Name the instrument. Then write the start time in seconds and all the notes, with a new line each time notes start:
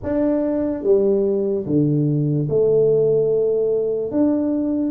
tuba
0.03 D4
0.83 G3
1.66 D3
2.49 A3
4.11 D4